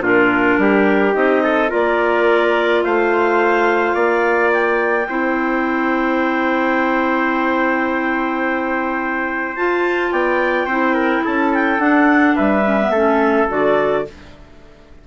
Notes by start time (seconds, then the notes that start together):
0.00 A#2 D4 F4 A#4
0.58 G3 G4
1.12 C4 D#4 D#5
1.43 A4
1.68 A#3 F4 A#4 D5
2.83 A3 C5 F5
3.94 A#3 D5
4.52 G5
5.09 C4 E4 C5
9.56 F4 A5
10.11 B3 D5 G5
10.66 C4 E4 C5
10.94 A#4
11.24 C#4 A4 A5
11.54 G5
11.79 D4 F#5
12.36 G3 B4 E5
12.65 C#4
12.80 B3
12.89 A3 C#4 A4
13.48 D3 F#4 D5